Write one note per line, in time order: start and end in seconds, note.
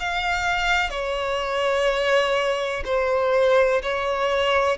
0.00 0.90 F5
0.90 2.84 C#5
2.85 3.82 C5
3.83 4.78 C#5